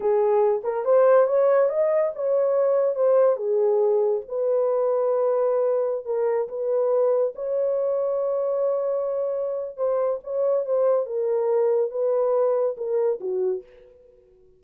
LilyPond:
\new Staff \with { instrumentName = "horn" } { \time 4/4 \tempo 4 = 141 gis'4. ais'8 c''4 cis''4 | dis''4 cis''2 c''4 | gis'2 b'2~ | b'2~ b'16 ais'4 b'8.~ |
b'4~ b'16 cis''2~ cis''8.~ | cis''2. c''4 | cis''4 c''4 ais'2 | b'2 ais'4 fis'4 | }